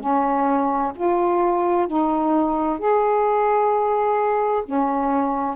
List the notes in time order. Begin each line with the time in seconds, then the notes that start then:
0.00 C#4
0.95 F4
1.87 D#4
2.79 G#4
4.65 C#4